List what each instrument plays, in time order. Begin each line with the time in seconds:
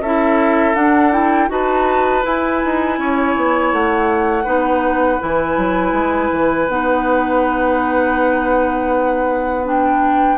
0.00 bassoon C#4, clarinet E4, oboe A4, flute E5
0.75 bassoon D4, clarinet D4, flute F#5
1.13 clarinet E4, flute G5
1.49 bassoon D#4, clarinet F#4, oboe B4, flute A5
2.23 clarinet E4, bassoon E4, flute G#5
2.65 bassoon D#4
2.99 bassoon C#4, oboe C#5
3.36 bassoon B3
3.73 bassoon A3, flute F#5
4.44 bassoon B3, clarinet D#4, oboe B4
5.20 bassoon E3, clarinet E4, flute G#5
5.57 bassoon F#3
5.92 bassoon G#3
6.32 bassoon E3
6.68 bassoon B3, clarinet D#4, flute F#5
9.65 clarinet D4, flute G5